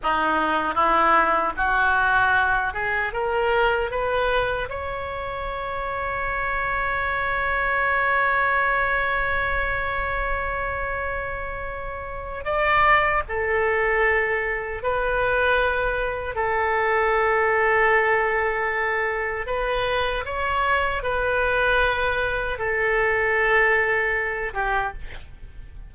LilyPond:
\new Staff \with { instrumentName = "oboe" } { \time 4/4 \tempo 4 = 77 dis'4 e'4 fis'4. gis'8 | ais'4 b'4 cis''2~ | cis''1~ | cis''1 |
d''4 a'2 b'4~ | b'4 a'2.~ | a'4 b'4 cis''4 b'4~ | b'4 a'2~ a'8 g'8 | }